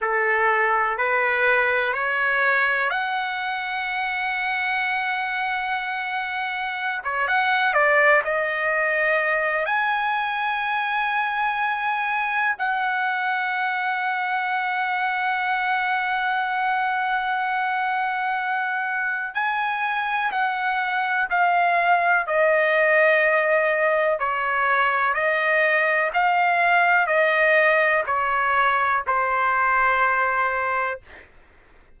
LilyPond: \new Staff \with { instrumentName = "trumpet" } { \time 4/4 \tempo 4 = 62 a'4 b'4 cis''4 fis''4~ | fis''2.~ fis''16 cis''16 fis''8 | d''8 dis''4. gis''2~ | gis''4 fis''2.~ |
fis''1 | gis''4 fis''4 f''4 dis''4~ | dis''4 cis''4 dis''4 f''4 | dis''4 cis''4 c''2 | }